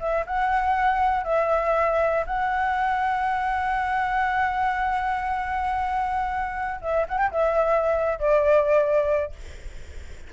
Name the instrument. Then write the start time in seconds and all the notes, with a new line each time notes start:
flute
0.00 E5
0.27 F#5
1.24 E5
2.27 F#5
6.82 E5
7.09 F#5
7.19 G5
7.32 E5
8.20 D5